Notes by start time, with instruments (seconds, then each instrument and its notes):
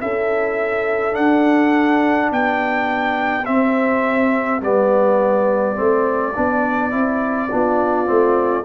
0.00 tuba C#4, trombone E4, horn A4, trumpet E5
1.12 trombone D4, tuba D4, trumpet F#5
2.31 tuba B3, horn G4, trumpet G5
3.45 trombone C4, tuba C4, trumpet E5
4.62 tuba G3, trombone B3, trumpet D5
5.76 tuba A3, trombone C4
6.35 tuba B3, trombone D4
6.91 tuba C4, trombone E4
7.51 tuba B3, trombone D4, horn F4
8.06 tuba A3, trombone C4